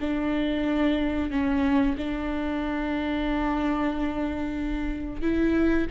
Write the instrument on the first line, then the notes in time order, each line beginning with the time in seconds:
viola
0.00 D4
1.30 C#4
1.97 D4
5.22 E4